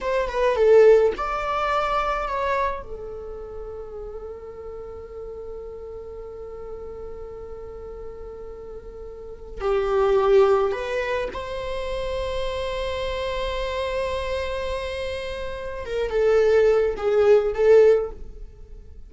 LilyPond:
\new Staff \with { instrumentName = "viola" } { \time 4/4 \tempo 4 = 106 c''8 b'8 a'4 d''2 | cis''4 a'2.~ | a'1~ | a'1~ |
a'4 g'2 b'4 | c''1~ | c''1 | ais'8 a'4. gis'4 a'4 | }